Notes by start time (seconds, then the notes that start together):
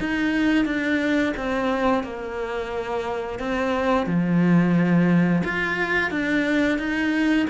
0.00 D#4
0.65 D4
1.37 C4
2.03 A#3
3.39 C4
4.06 F3
5.44 F4
6.11 D4
6.78 D#4